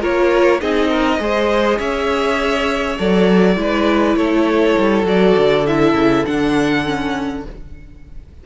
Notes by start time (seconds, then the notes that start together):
0.00 A#3 F4 A#4 C#5
0.60 C4 D#4 G#4 D#5
0.90 A#4
1.19 G#3 G#4 C5
1.78 C#4 C#5 E5
2.98 F#3 A4 D5
3.56 G#3 E4 B4
4.15 A3 A4 C#5
4.78 G3
5.04 F#3 F#4 D5
5.37 D3
5.66 E4 E5
5.94 C#3
6.25 D3 D4 F#5
6.85 C#4